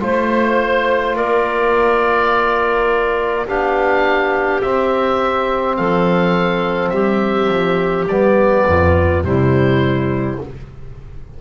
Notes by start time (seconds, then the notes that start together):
0.00 A3 F4 C5
1.16 A#3 A#4 D5
3.47 B3 D4 G4 F5
4.62 C4 E5
5.76 F3 A4 F5
6.89 G3 G4 E5
7.48 F3
8.07 G3 B3 D5
8.67 F2 F4
9.24 C3 G3 E4 C5